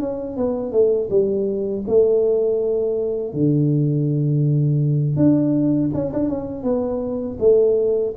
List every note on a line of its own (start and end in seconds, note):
0.00 0.37 C#4
0.37 0.72 B3
0.72 1.09 A3
1.10 1.84 G3
1.87 3.33 A3
3.33 5.16 D3
5.16 5.91 D4
5.94 6.12 C#4
6.13 6.29 D4
6.29 6.63 C#4
6.63 7.37 B3
7.40 8.14 A3